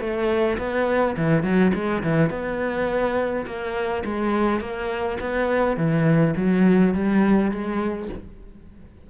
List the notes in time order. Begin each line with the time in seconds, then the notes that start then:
0.00 A3
0.58 B3
1.17 E3
1.43 F#3
1.74 G#3
2.03 E3
2.30 B3
3.46 A#3
4.05 G#3
4.60 A#3
5.21 B3
5.77 E3
6.36 F#3
6.94 G3
7.51 G#3